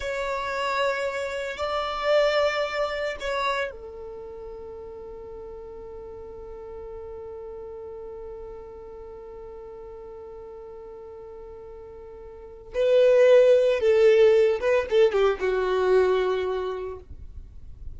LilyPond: \new Staff \with { instrumentName = "violin" } { \time 4/4 \tempo 4 = 113 cis''2. d''4~ | d''2 cis''4 a'4~ | a'1~ | a'1~ |
a'1~ | a'1 | b'2 a'4. b'8 | a'8 g'8 fis'2. | }